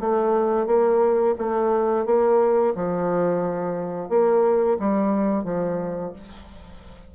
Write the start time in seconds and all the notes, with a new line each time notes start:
0.00 A3
0.66 A#3
1.38 A3
2.05 A#3
2.75 F3
4.09 A#3
4.79 G3
5.44 F3